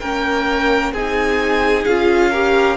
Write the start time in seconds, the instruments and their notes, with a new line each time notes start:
0.00 cello A#3, viola C#4, violin A#4 G5
0.92 cello C4, viola D#4, violin G#4 G#5
1.85 cello C#4, viola F4, violin F5
2.31 viola G4, violin A#4